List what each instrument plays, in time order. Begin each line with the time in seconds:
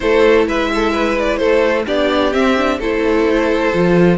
0.00 cello A3, viola E4, violin A4 C5
0.47 cello G#3, violin B4 E5
0.73 violin A4
0.92 violin B4
1.18 violin D5
1.36 cello A3, violin A4 C5
1.86 cello B3, viola D4, violin G4 D5
2.32 viola C4, cello C4, violin E5
2.57 viola D4
2.78 cello A3, viola E4, violin A4 C5
3.73 cello F3, viola F4